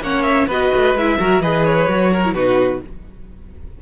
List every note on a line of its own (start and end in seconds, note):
0.00 0.47 A#3
0.00 0.49 C#4
0.00 0.47 C#5
0.00 0.22 F#5
0.22 0.46 E5
0.47 0.70 B3
0.47 0.97 F#4
0.47 1.17 B4
0.47 0.97 D#5
0.75 0.94 A3
0.94 1.18 G#3
0.94 1.19 E4
0.94 1.41 E5
1.19 1.39 F#3
1.19 1.42 F#4
1.19 1.41 A#4
1.39 1.86 E3
1.39 1.88 G#4
1.39 2.11 B4
1.39 1.65 D#5
1.65 2.34 C#5
1.88 2.32 F#3
1.88 2.23 F#4
2.12 2.34 A#4
2.25 2.35 E4
2.32 2.78 B2
2.32 2.81 D#4
2.32 2.81 F#4
2.32 2.80 B4